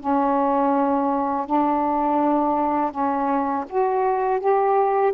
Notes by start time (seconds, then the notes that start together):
0.00 C#4
1.47 D4
2.91 C#4
3.69 F#4
4.40 G4